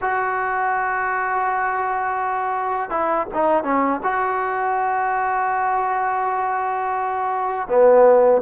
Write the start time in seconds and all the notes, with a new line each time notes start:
0.01 F#4
2.90 E4
3.34 D#4
3.63 C#4
4.03 F#4
7.68 B3